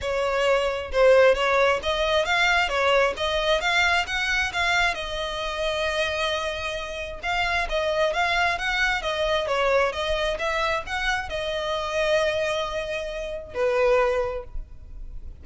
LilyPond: \new Staff \with { instrumentName = "violin" } { \time 4/4 \tempo 4 = 133 cis''2 c''4 cis''4 | dis''4 f''4 cis''4 dis''4 | f''4 fis''4 f''4 dis''4~ | dis''1 |
f''4 dis''4 f''4 fis''4 | dis''4 cis''4 dis''4 e''4 | fis''4 dis''2.~ | dis''2 b'2 | }